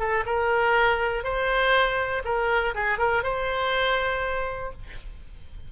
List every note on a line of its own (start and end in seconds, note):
0.00 0.25 A4
0.26 1.24 A#4
1.24 2.23 C5
2.25 2.75 A#4
2.75 2.99 G#4
2.99 3.23 A#4
3.23 4.72 C5